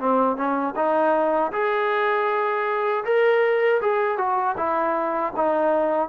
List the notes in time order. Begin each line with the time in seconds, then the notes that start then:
0.00 C4
0.37 C#4
0.76 D#4
1.53 G#4
3.05 A#4
3.81 G#4
4.18 F#4
4.57 E4
5.36 D#4